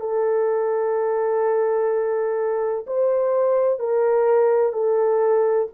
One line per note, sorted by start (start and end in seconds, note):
0.00 2.86 A4
2.87 3.79 C5
3.79 4.73 A#4
4.73 5.68 A4